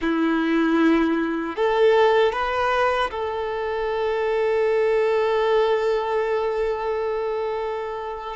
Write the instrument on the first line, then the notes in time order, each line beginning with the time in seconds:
violin
0.01 E4
1.55 A4
2.32 B4
3.11 A4